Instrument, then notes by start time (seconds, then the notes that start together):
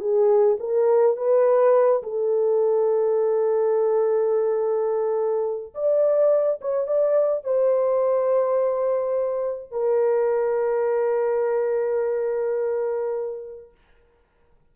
horn
0.00 G#4
0.60 A#4
1.17 B4
2.03 A4
5.75 D5
6.61 C#5
6.87 D5
7.44 C5
9.71 A#4